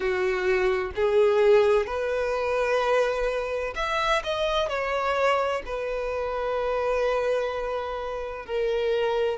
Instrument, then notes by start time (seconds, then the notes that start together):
violin
0.00 F#4
0.95 G#4
1.86 B4
3.75 E5
4.23 D#5
4.68 C#5
5.65 B4
8.45 A#4